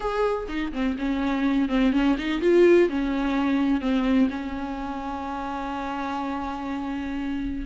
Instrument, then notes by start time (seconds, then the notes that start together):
viola
0.00 G#4
0.48 D#4
0.72 C4
0.98 C#4
1.68 C4
1.92 C#4
2.18 D#4
2.41 F4
2.89 C#4
3.81 C4
4.30 C#4